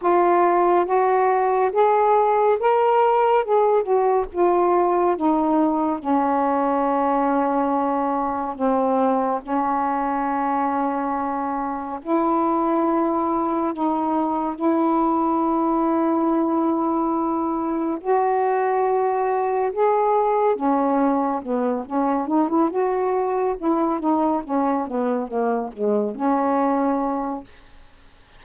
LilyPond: \new Staff \with { instrumentName = "saxophone" } { \time 4/4 \tempo 4 = 70 f'4 fis'4 gis'4 ais'4 | gis'8 fis'8 f'4 dis'4 cis'4~ | cis'2 c'4 cis'4~ | cis'2 e'2 |
dis'4 e'2.~ | e'4 fis'2 gis'4 | cis'4 b8 cis'8 dis'16 e'16 fis'4 e'8 | dis'8 cis'8 b8 ais8 gis8 cis'4. | }